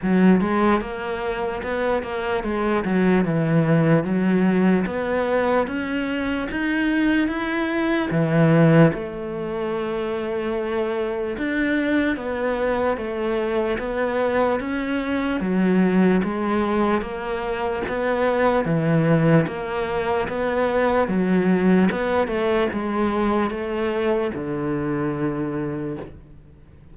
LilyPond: \new Staff \with { instrumentName = "cello" } { \time 4/4 \tempo 4 = 74 fis8 gis8 ais4 b8 ais8 gis8 fis8 | e4 fis4 b4 cis'4 | dis'4 e'4 e4 a4~ | a2 d'4 b4 |
a4 b4 cis'4 fis4 | gis4 ais4 b4 e4 | ais4 b4 fis4 b8 a8 | gis4 a4 d2 | }